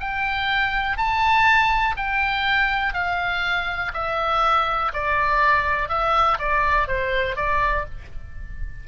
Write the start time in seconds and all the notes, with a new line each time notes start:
0.00 G5
0.97 A5
1.97 G5
2.94 F5
3.94 E5
4.93 D5
5.89 E5
6.39 D5
6.88 C5
7.36 D5